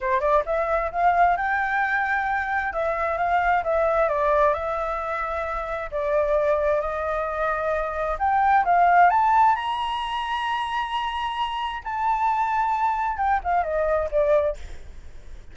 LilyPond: \new Staff \with { instrumentName = "flute" } { \time 4/4 \tempo 4 = 132 c''8 d''8 e''4 f''4 g''4~ | g''2 e''4 f''4 | e''4 d''4 e''2~ | e''4 d''2 dis''4~ |
dis''2 g''4 f''4 | a''4 ais''2.~ | ais''2 a''2~ | a''4 g''8 f''8 dis''4 d''4 | }